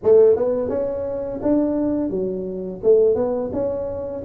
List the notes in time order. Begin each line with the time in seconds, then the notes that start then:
0.03 A3
0.35 B3
0.69 C#4
1.42 D4
2.10 F#3
2.83 A3
3.15 B3
3.52 C#4